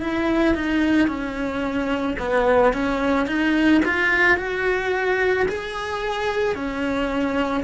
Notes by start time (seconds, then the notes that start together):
0.00 E4
0.55 D#4
1.07 C#4
2.19 B3
2.73 C#4
3.27 D#4
3.85 F4
4.37 F#4
5.48 G#4
6.55 C#4